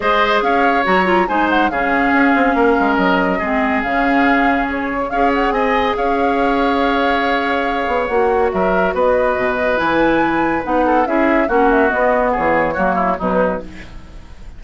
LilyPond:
<<
  \new Staff \with { instrumentName = "flute" } { \time 4/4 \tempo 4 = 141 dis''4 f''4 ais''4 gis''8 fis''8 | f''2. dis''4~ | dis''4 f''2 cis''4 | f''8 fis''8 gis''4 f''2~ |
f''2. fis''4 | e''4 dis''2 gis''4~ | gis''4 fis''4 e''4 fis''8 e''8 | dis''4 cis''2 b'4 | }
  \new Staff \with { instrumentName = "oboe" } { \time 4/4 c''4 cis''2 c''4 | gis'2 ais'2 | gis'1 | cis''4 dis''4 cis''2~ |
cis''1 | ais'4 b'2.~ | b'4. a'8 gis'4 fis'4~ | fis'4 gis'4 fis'8 e'8 dis'4 | }
  \new Staff \with { instrumentName = "clarinet" } { \time 4/4 gis'2 fis'8 f'8 dis'4 | cis'1 | c'4 cis'2. | gis'1~ |
gis'2. fis'4~ | fis'2. e'4~ | e'4 dis'4 e'4 cis'4 | b2 ais4 fis4 | }
  \new Staff \with { instrumentName = "bassoon" } { \time 4/4 gis4 cis'4 fis4 gis4 | cis4 cis'8 c'8 ais8 gis8 fis4 | gis4 cis2. | cis'4 c'4 cis'2~ |
cis'2~ cis'8 b8 ais4 | fis4 b4 b,4 e4~ | e4 b4 cis'4 ais4 | b4 e4 fis4 b,4 | }
>>